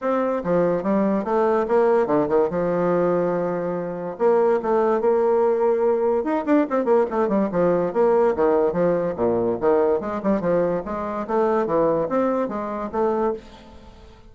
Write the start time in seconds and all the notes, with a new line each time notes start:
0.01 C4
0.44 F3
0.83 G3
1.24 A3
1.68 A#3
2.06 D3
2.28 D#3
2.50 F3
4.18 A#3
4.62 A3
5.00 A#3
6.23 D#4
6.45 D4
6.70 C4
6.84 A#3
7.10 A3
7.28 G3
7.51 F3
7.93 A#3
8.35 D#3
8.72 F3
9.16 A#2
9.60 D#3
10.00 G#3
10.23 G3
10.40 F3
10.85 G#3
11.27 A3
11.66 E3
12.08 C4
12.48 G#3
12.91 A3